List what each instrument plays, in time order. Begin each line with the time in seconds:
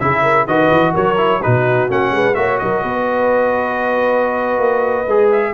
0.00 tuba C#3, trombone E4, horn G#4, trumpet E5
0.23 horn A#4
0.47 tuba D#3, trombone F#4, horn B4, trumpet D#5
0.72 tuba E3
0.93 tuba F#3, horn A#4, trumpet C#5
1.17 trombone E4
1.43 tuba B2, trombone D#4, horn F#4, trumpet B4
1.89 tuba A#3, trombone C#4, trumpet F#5
2.12 tuba G#3, horn B4
2.35 tuba A#3, trombone F#4, horn C#5, trumpet E5
2.59 tuba F#3, horn A#4, trumpet D#5
2.83 tuba B3, horn B4
4.59 tuba A#3
5.07 tuba G#3, trombone G#4
5.32 trumpet E5